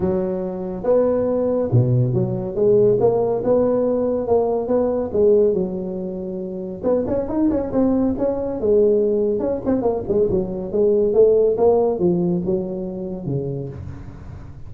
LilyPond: \new Staff \with { instrumentName = "tuba" } { \time 4/4 \tempo 4 = 140 fis2 b2 | b,4 fis4 gis4 ais4 | b2 ais4 b4 | gis4 fis2. |
b8 cis'8 dis'8 cis'8 c'4 cis'4 | gis2 cis'8 c'8 ais8 gis8 | fis4 gis4 a4 ais4 | f4 fis2 cis4 | }